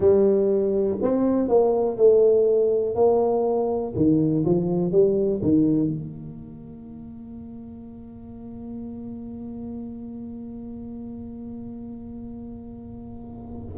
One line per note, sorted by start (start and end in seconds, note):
0.00 0.98 G3
1.01 1.48 C4
1.48 1.97 A#3
1.97 2.95 A3
2.95 3.93 A#3
3.95 4.44 D#3
4.45 4.91 F3
4.91 5.41 G3
5.42 5.87 D#3
5.87 13.74 A#3